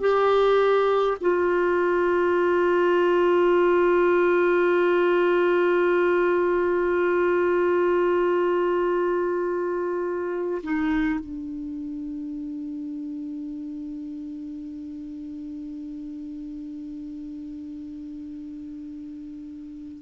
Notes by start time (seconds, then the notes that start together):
0.00 G4
1.20 F4
10.63 D#4
11.20 D4